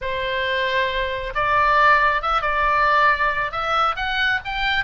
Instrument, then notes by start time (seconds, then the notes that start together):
oboe
0.01 C5
1.34 D5
2.22 E5
2.41 D5
3.51 E5
3.96 F#5
4.45 G5